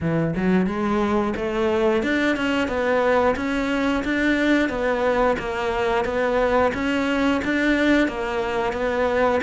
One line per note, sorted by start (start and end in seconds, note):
0.00 0.34 E3
0.36 0.66 F#3
0.66 1.34 G#3
1.36 2.02 A3
2.02 2.36 D4
2.36 2.68 C#4
2.68 3.35 B3
3.36 4.03 C#4
4.04 4.69 D4
4.69 5.36 B3
5.38 6.04 A#3
6.04 6.72 B3
6.74 7.41 C#4
7.44 8.07 D4
8.07 8.72 A#3
8.72 9.40 B3